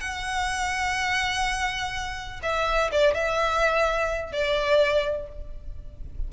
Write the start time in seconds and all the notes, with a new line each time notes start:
0.00 F#5
2.42 E5
2.91 D5
3.14 E5
4.32 D5